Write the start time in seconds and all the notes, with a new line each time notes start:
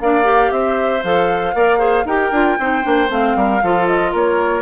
0.00 A#3 D4 D5 F5
0.23 G4
0.51 C4 C5 E5
1.03 F3 A4 F5
1.54 A#3 A#4 D5
1.78 G#4 C5
2.04 D#4 G4 A#4 G5
2.31 D4 F4
2.59 C4 D#4 C5
2.82 A#3 D4
3.09 A3 C4 F5
3.35 G3 A#4
3.62 F3 F4 A4
3.87 D#5
4.11 A#3 A#4 C#5